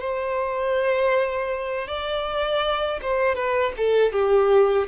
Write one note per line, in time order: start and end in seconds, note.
0.00 1.88 C5
1.88 3.00 D5
3.02 3.35 C5
3.35 3.73 B4
3.77 4.12 A4
4.12 4.88 G4